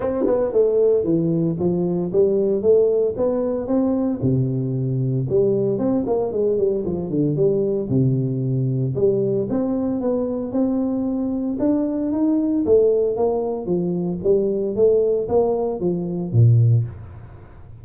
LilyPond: \new Staff \with { instrumentName = "tuba" } { \time 4/4 \tempo 4 = 114 c'8 b8 a4 e4 f4 | g4 a4 b4 c'4 | c2 g4 c'8 ais8 | gis8 g8 f8 d8 g4 c4~ |
c4 g4 c'4 b4 | c'2 d'4 dis'4 | a4 ais4 f4 g4 | a4 ais4 f4 ais,4 | }